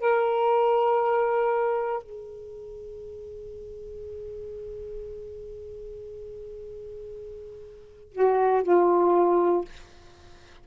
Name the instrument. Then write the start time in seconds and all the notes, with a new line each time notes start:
saxophone
0.00 A#4
2.03 G#4
8.13 F#4
8.63 F4